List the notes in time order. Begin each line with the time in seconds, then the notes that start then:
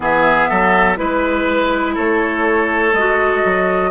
0.00 E3 B3 G#4 E5
0.49 F#3 A4
0.96 G#3 E4 B4
1.94 A3 A4 C#5
2.93 G#3 F#4 D#5
3.44 F#3